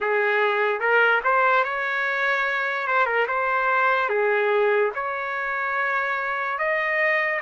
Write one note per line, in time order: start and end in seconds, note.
0.00 0.80 G#4
0.80 1.21 A#4
1.23 1.64 C5
1.64 2.87 C#5
2.87 3.06 C5
3.06 3.26 A#4
3.27 4.09 C5
4.09 4.91 G#4
4.95 6.58 C#5
6.58 7.40 D#5